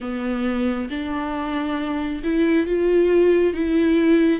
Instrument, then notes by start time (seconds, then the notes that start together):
viola
0.00 B3
0.90 D4
2.23 E4
2.66 F4
3.53 E4